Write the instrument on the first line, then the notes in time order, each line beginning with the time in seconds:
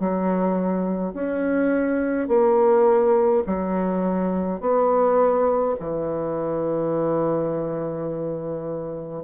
bassoon
0.00 F#3
1.14 C#4
2.28 A#3
3.47 F#3
4.60 B3
5.80 E3